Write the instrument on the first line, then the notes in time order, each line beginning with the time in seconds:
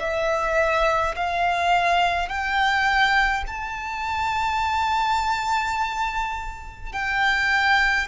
violin
0.00 E5
1.16 F5
2.29 G5
3.47 A5
6.93 G5